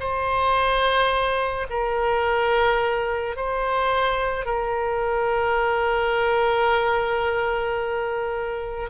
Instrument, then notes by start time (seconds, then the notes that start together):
oboe
0.00 C5
1.70 A#4
3.36 C5
4.45 A#4